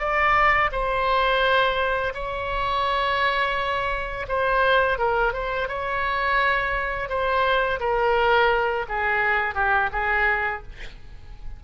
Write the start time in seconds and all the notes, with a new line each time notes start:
0.00 D5
0.72 C5
2.15 C#5
4.29 C5
4.99 A#4
5.33 C5
5.69 C#5
7.09 C5
7.80 A#4
8.89 G#4
9.55 G4
9.92 G#4